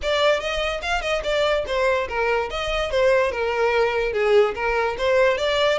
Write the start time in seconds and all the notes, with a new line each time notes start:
0.02 D5
0.39 D#5
0.82 F5
1.01 D#5
1.23 D5
1.66 C5
2.08 A#4
2.50 D#5
2.91 C5
3.31 A#4
4.13 G#4
4.54 A#4
4.97 C5
5.37 D5